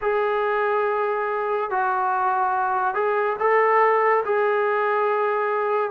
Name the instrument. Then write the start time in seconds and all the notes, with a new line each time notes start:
trombone
0.01 G#4
1.70 F#4
2.94 G#4
3.39 A4
4.24 G#4